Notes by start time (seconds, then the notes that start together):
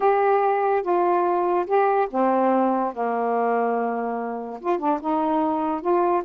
0.00 G4
0.82 F4
1.66 G4
2.10 C4
2.93 A#3
4.60 F4
4.78 D4
5.01 D#4
5.81 F4